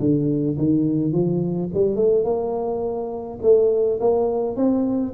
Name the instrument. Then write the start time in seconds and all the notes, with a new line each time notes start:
tuba
0.00 D3
0.58 D#3
1.12 F3
1.74 G3
1.96 A3
2.24 A#3
3.42 A3
4.01 A#3
4.56 C4